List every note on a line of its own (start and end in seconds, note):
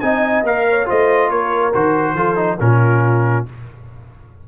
0.00 0.43 C4
0.00 0.44 D#4
0.00 0.66 D#5
0.00 0.43 G#5
0.43 0.85 A#3
0.43 0.86 A#4
0.43 0.89 F5
0.69 0.87 C#5
0.86 1.29 A3
0.86 1.72 F4
0.86 1.30 C5
0.86 1.30 D#5
1.29 1.72 A#3
1.29 2.15 A#4
1.29 1.73 C#5
1.74 2.14 D#3
1.74 2.17 F#4
1.74 2.59 C5
2.14 2.57 F3
2.14 2.36 F4
2.14 2.58 A4
2.36 2.57 D#4
2.60 3.46 A#2
2.60 3.46 C#4
2.60 3.48 F4
2.60 3.45 A#4